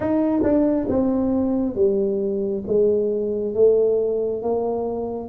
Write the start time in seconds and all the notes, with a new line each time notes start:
0.00 D#4
0.43 D4
0.88 C4
1.75 G3
2.67 G#3
3.54 A3
4.42 A#3